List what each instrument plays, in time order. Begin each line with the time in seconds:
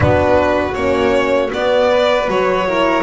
0.00 double bass B3, horn D4, violin F#4 B4
0.74 double bass A#3, horn C#4, violin C#5
1.49 horn B3, double bass B3, violin D5
1.91 violin B4
2.27 double bass F#3, horn F#4, violin C#5
2.67 horn E4, violin A#4